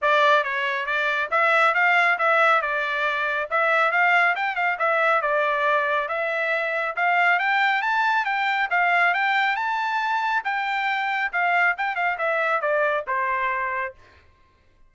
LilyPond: \new Staff \with { instrumentName = "trumpet" } { \time 4/4 \tempo 4 = 138 d''4 cis''4 d''4 e''4 | f''4 e''4 d''2 | e''4 f''4 g''8 f''8 e''4 | d''2 e''2 |
f''4 g''4 a''4 g''4 | f''4 g''4 a''2 | g''2 f''4 g''8 f''8 | e''4 d''4 c''2 | }